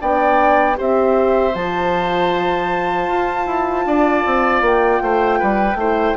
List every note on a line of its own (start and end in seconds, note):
0.00 0.78 B3
0.00 0.75 D4
0.00 0.77 D5
0.00 0.78 G5
0.75 1.54 C4
0.75 1.52 G4
0.75 3.85 C5
0.75 1.54 E5
1.54 3.08 F3
1.54 5.77 F4
1.54 4.62 A5
3.08 3.46 F4
3.46 3.85 E4
3.85 4.24 D4
3.85 5.02 D5
4.25 4.61 C4
4.61 4.99 A#3
4.61 6.16 G5
5.02 5.40 A3
5.02 5.38 C5
5.38 5.74 G3
5.38 5.77 B4
5.74 6.13 A3
5.74 6.16 E4
5.74 6.16 C5